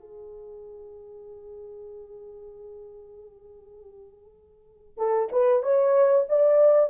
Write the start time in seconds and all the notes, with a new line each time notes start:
0.00 G#4
4.98 A4
5.32 B4
5.63 C#5
6.29 D5